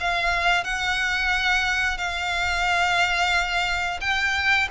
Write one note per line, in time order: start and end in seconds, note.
0.00 0.64 F5
0.64 1.98 F#5
1.98 4.00 F5
4.01 4.68 G5